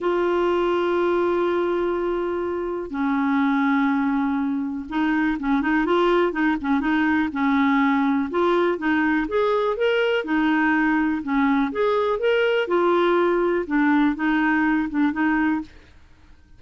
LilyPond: \new Staff \with { instrumentName = "clarinet" } { \time 4/4 \tempo 4 = 123 f'1~ | f'2 cis'2~ | cis'2 dis'4 cis'8 dis'8 | f'4 dis'8 cis'8 dis'4 cis'4~ |
cis'4 f'4 dis'4 gis'4 | ais'4 dis'2 cis'4 | gis'4 ais'4 f'2 | d'4 dis'4. d'8 dis'4 | }